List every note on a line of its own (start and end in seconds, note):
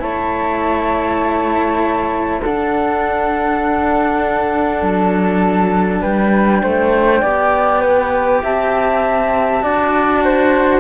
0.00 2.42 A3
0.00 2.40 E4
0.00 2.42 C#5
0.00 2.41 A5
2.42 4.82 D4
2.42 7.23 D4
2.42 6.01 A4
2.42 4.84 F#5
4.82 6.02 F#3
4.82 6.03 A5
6.01 6.62 G3
6.01 6.61 B4
6.01 8.43 G5
6.62 7.22 A3
6.62 7.21 C5
7.21 8.42 B3
7.21 9.61 G4
7.21 7.81 D5
7.81 8.41 B4
8.43 9.63 C4
8.43 9.63 E5
8.43 10.80 A5
9.61 10.80 D4
9.61 10.80 F#4
9.61 10.23 D5
10.24 10.80 C5